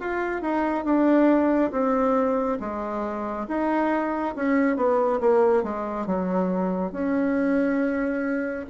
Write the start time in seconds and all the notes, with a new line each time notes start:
0.00 F4
0.42 D#4
0.85 D4
1.72 C4
2.60 G#3
3.48 D#4
4.36 C#4
4.76 B3
5.21 A#3
5.63 G#3
6.07 F#3
6.92 C#4